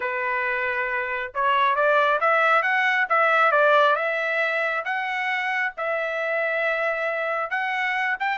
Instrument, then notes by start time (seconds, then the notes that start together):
trumpet
0.00 B4
1.34 C#5
1.75 D5
2.20 E5
2.62 F#5
3.09 E5
3.51 D5
3.95 E5
4.84 F#5
5.77 E5
7.50 F#5
8.19 G5